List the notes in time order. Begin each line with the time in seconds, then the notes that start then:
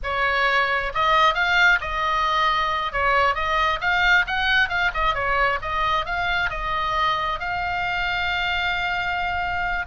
0.03 C#5
0.94 D#5
1.34 F5
1.81 D#5
2.92 C#5
3.34 D#5
3.80 F5
4.27 F#5
4.68 F5
4.94 D#5
5.14 C#5
5.61 D#5
6.05 F5
6.49 D#5
7.39 F5